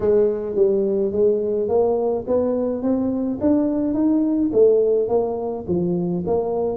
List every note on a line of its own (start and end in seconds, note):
0.00 0.55 G#3
0.55 1.12 G3
1.12 1.68 G#3
1.68 2.25 A#3
2.27 2.82 B3
2.82 3.38 C4
3.40 3.94 D4
3.94 4.50 D#4
4.52 5.08 A3
5.08 5.64 A#3
5.67 6.24 F3
6.26 6.77 A#3